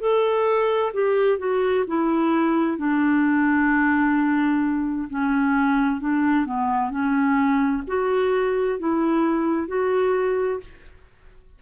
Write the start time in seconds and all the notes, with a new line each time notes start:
0.00 A4
0.93 G4
1.38 F#4
1.87 E4
2.77 D4
5.09 C#4
6.00 D4
6.45 B3
6.90 C#4
7.87 F#4
8.79 E4
9.67 F#4